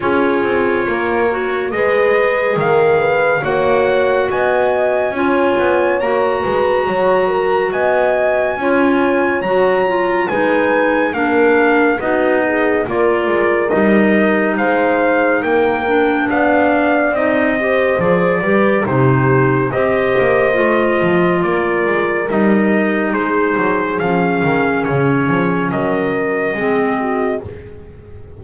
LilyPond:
<<
  \new Staff \with { instrumentName = "trumpet" } { \time 4/4 \tempo 4 = 70 cis''2 dis''4 f''4 | fis''4 gis''2 ais''4~ | ais''4 gis''2 ais''4 | gis''4 f''4 dis''4 d''4 |
dis''4 f''4 g''4 f''4 | dis''4 d''4 c''4 dis''4~ | dis''4 d''4 dis''4 c''4 | f''4 cis''4 dis''2 | }
  \new Staff \with { instrumentName = "horn" } { \time 4/4 gis'4 ais'4 b'4 ais'8 b'8 | cis''4 dis''4 cis''4. b'8 | cis''8 ais'8 dis''4 cis''2 | b'4 ais'4 fis'8 gis'8 ais'4~ |
ais'4 c''4 ais'4 d''4~ | d''8 c''4 b'8 g'4 c''4~ | c''4 ais'2 gis'4~ | gis'2 ais'4 gis'8 fis'8 | }
  \new Staff \with { instrumentName = "clarinet" } { \time 4/4 f'4. fis'8 gis'2 | fis'2 f'4 fis'4~ | fis'2 f'4 fis'8 f'8 | dis'4 d'4 dis'4 f'4 |
dis'2~ dis'8 d'4. | dis'8 g'8 gis'8 g'8 dis'4 g'4 | f'2 dis'2 | cis'2. c'4 | }
  \new Staff \with { instrumentName = "double bass" } { \time 4/4 cis'8 c'8 ais4 gis4 dis4 | ais4 b4 cis'8 b8 ais8 gis8 | fis4 b4 cis'4 fis4 | gis4 ais4 b4 ais8 gis8 |
g4 gis4 ais4 b4 | c'4 f8 g8 c4 c'8 ais8 | a8 f8 ais8 gis8 g4 gis8 fis8 | f8 dis8 cis8 f8 fis4 gis4 | }
>>